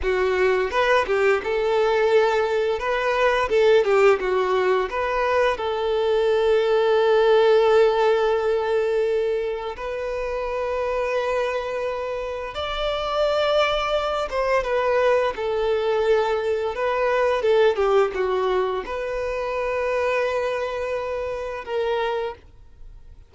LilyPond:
\new Staff \with { instrumentName = "violin" } { \time 4/4 \tempo 4 = 86 fis'4 b'8 g'8 a'2 | b'4 a'8 g'8 fis'4 b'4 | a'1~ | a'2 b'2~ |
b'2 d''2~ | d''8 c''8 b'4 a'2 | b'4 a'8 g'8 fis'4 b'4~ | b'2. ais'4 | }